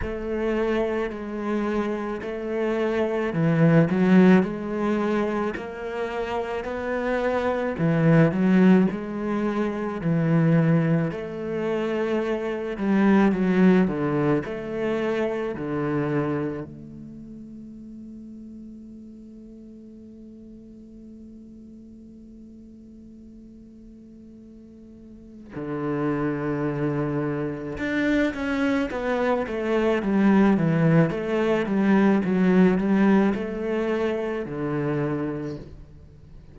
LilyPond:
\new Staff \with { instrumentName = "cello" } { \time 4/4 \tempo 4 = 54 a4 gis4 a4 e8 fis8 | gis4 ais4 b4 e8 fis8 | gis4 e4 a4. g8 | fis8 d8 a4 d4 a4~ |
a1~ | a2. d4~ | d4 d'8 cis'8 b8 a8 g8 e8 | a8 g8 fis8 g8 a4 d4 | }